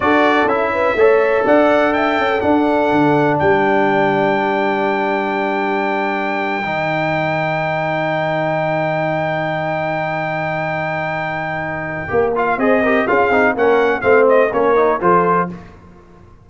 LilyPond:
<<
  \new Staff \with { instrumentName = "trumpet" } { \time 4/4 \tempo 4 = 124 d''4 e''2 fis''4 | g''4 fis''2 g''4~ | g''1~ | g''1~ |
g''1~ | g''1~ | g''4. f''8 dis''4 f''4 | fis''4 f''8 dis''8 cis''4 c''4 | }
  \new Staff \with { instrumentName = "horn" } { \time 4/4 a'4. b'8 cis''4 d''4 | e''8. a'2~ a'16 ais'4~ | ais'1~ | ais'1~ |
ais'1~ | ais'1~ | ais'2 c''8 ais'8 gis'4 | ais'4 c''4 ais'4 a'4 | }
  \new Staff \with { instrumentName = "trombone" } { \time 4/4 fis'4 e'4 a'2~ | a'4 d'2.~ | d'1~ | d'4.~ d'16 dis'2~ dis'16~ |
dis'1~ | dis'1~ | dis'4 g'8 f'8 gis'8 g'8 f'8 dis'8 | cis'4 c'4 cis'8 dis'8 f'4 | }
  \new Staff \with { instrumentName = "tuba" } { \time 4/4 d'4 cis'4 a4 d'4~ | d'8 cis'8 d'4 d4 g4~ | g1~ | g4.~ g16 dis2~ dis16~ |
dis1~ | dis1~ | dis4 ais4 c'4 cis'8 c'8 | ais4 a4 ais4 f4 | }
>>